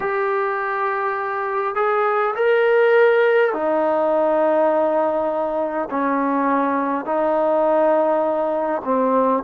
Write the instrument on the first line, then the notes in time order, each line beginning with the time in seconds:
trombone
0.00 G4
1.75 G#4
2.35 A#4
3.53 D#4
5.90 C#4
7.05 D#4
8.84 C4